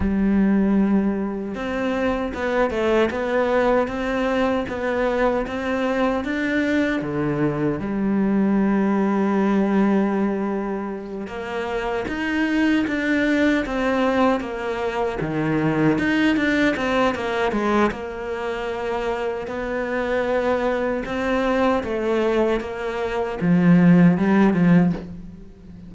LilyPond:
\new Staff \with { instrumentName = "cello" } { \time 4/4 \tempo 4 = 77 g2 c'4 b8 a8 | b4 c'4 b4 c'4 | d'4 d4 g2~ | g2~ g8 ais4 dis'8~ |
dis'8 d'4 c'4 ais4 dis8~ | dis8 dis'8 d'8 c'8 ais8 gis8 ais4~ | ais4 b2 c'4 | a4 ais4 f4 g8 f8 | }